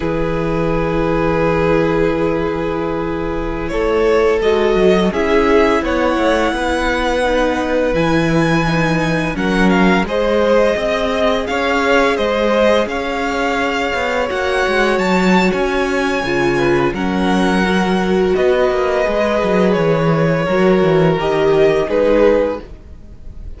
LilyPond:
<<
  \new Staff \with { instrumentName = "violin" } { \time 4/4 \tempo 4 = 85 b'1~ | b'4~ b'16 cis''4 dis''4 e''8.~ | e''16 fis''2. gis''8.~ | gis''4~ gis''16 fis''8 f''8 dis''4.~ dis''16~ |
dis''16 f''4 dis''4 f''4.~ f''16~ | f''16 fis''4 a''8. gis''2 | fis''2 dis''2 | cis''2 dis''4 b'4 | }
  \new Staff \with { instrumentName = "violin" } { \time 4/4 gis'1~ | gis'4~ gis'16 a'2 gis'8.~ | gis'16 cis''4 b'2~ b'8.~ | b'4~ b'16 ais'4 c''4 dis''8.~ |
dis''16 cis''4 c''4 cis''4.~ cis''16~ | cis''2.~ cis''8 b'8 | ais'2 b'2~ | b'4 ais'2 gis'4 | }
  \new Staff \with { instrumentName = "viola" } { \time 4/4 e'1~ | e'2~ e'16 fis'4 e'8.~ | e'2~ e'16 dis'4 e'8.~ | e'16 dis'4 cis'4 gis'4.~ gis'16~ |
gis'1~ | gis'16 fis'2~ fis'8. f'4 | cis'4 fis'2 gis'4~ | gis'4 fis'4 g'4 dis'4 | }
  \new Staff \with { instrumentName = "cello" } { \time 4/4 e1~ | e4~ e16 a4 gis8 fis8 cis'8.~ | cis'16 b8 a8 b2 e8.~ | e4~ e16 fis4 gis4 c'8.~ |
c'16 cis'4 gis4 cis'4. b16~ | b16 ais8 gis8 fis8. cis'4 cis4 | fis2 b8 ais8 gis8 fis8 | e4 fis8 e8 dis4 gis4 | }
>>